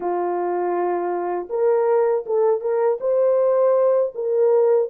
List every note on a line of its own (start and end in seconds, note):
0.00 1.48 F4
1.49 2.24 A#4
2.25 2.60 A4
2.60 2.98 A#4
3.00 4.12 C5
4.14 4.89 A#4